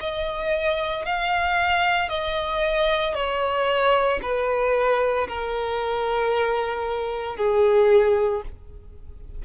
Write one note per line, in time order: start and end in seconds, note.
0.00 1.05 D#5
1.05 2.09 F5
2.09 3.14 D#5
3.14 4.20 C#5
4.22 5.27 B4
5.28 7.36 A#4
7.36 8.42 G#4